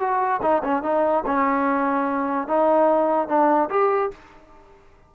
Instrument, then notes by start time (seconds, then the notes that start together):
trombone
0.00 F#4
0.42 D#4
0.64 C#4
0.83 D#4
1.26 C#4
2.48 D#4
3.28 D4
3.70 G4